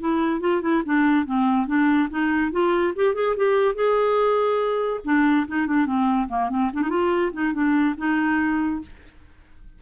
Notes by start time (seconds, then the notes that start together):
0.00 E4
0.41 F4
0.62 E4
0.85 D4
1.25 C4
1.67 D4
2.10 D#4
2.52 F4
2.96 G4
3.15 G#4
3.36 G4
3.75 G#4
5.05 D4
5.48 D#4
5.67 D4
5.86 C4
6.28 A#3
6.50 C4
6.74 D4
6.82 D#4
6.90 F4
7.33 D#4
7.53 D4
7.98 D#4